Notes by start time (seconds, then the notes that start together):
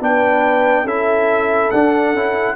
0.00 B3 D4 B4 G5
0.84 C#4 E4 A4 E5
1.71 D4 F#5
2.13 C#4 E4